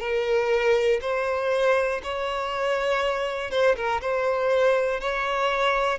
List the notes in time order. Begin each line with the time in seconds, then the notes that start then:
0.00 A#4
1.01 C5
2.03 C#5
3.50 C5
3.76 A#4
4.01 C5
5.00 C#5